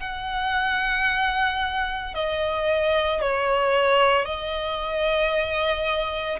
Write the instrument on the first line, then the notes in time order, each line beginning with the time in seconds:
violin
0.00 F#5
2.14 D#5
3.21 C#5
4.25 D#5